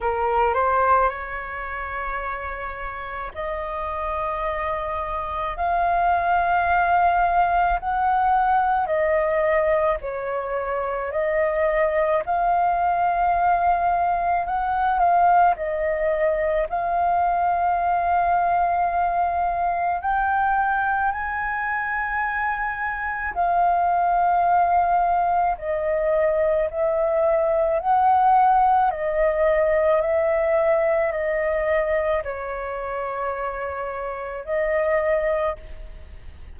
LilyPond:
\new Staff \with { instrumentName = "flute" } { \time 4/4 \tempo 4 = 54 ais'8 c''8 cis''2 dis''4~ | dis''4 f''2 fis''4 | dis''4 cis''4 dis''4 f''4~ | f''4 fis''8 f''8 dis''4 f''4~ |
f''2 g''4 gis''4~ | gis''4 f''2 dis''4 | e''4 fis''4 dis''4 e''4 | dis''4 cis''2 dis''4 | }